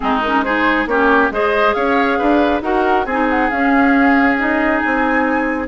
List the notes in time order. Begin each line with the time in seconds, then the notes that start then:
0.00 G#3 C4 D#4 G#4
0.21 C#4 A#4
0.43 D#4 G#4 C5
0.85 A#3 C#4 G4 C#5
1.30 G#3 G#4 C5 D#5
1.73 C#4 C#5 F5
2.18 D4 B4
2.61 D#4 F#4 A#4 F#5
3.05 C4 G#4 G#5
3.11 D#4
3.29 F#5
3.50 C#4 F5
4.38 D#4 D#5
4.79 G#5
4.85 C4